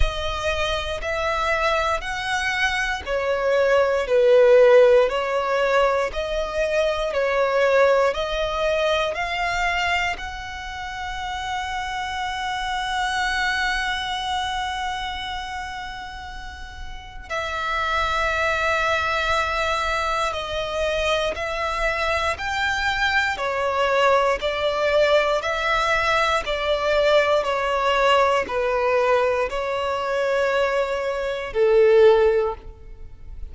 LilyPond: \new Staff \with { instrumentName = "violin" } { \time 4/4 \tempo 4 = 59 dis''4 e''4 fis''4 cis''4 | b'4 cis''4 dis''4 cis''4 | dis''4 f''4 fis''2~ | fis''1~ |
fis''4 e''2. | dis''4 e''4 g''4 cis''4 | d''4 e''4 d''4 cis''4 | b'4 cis''2 a'4 | }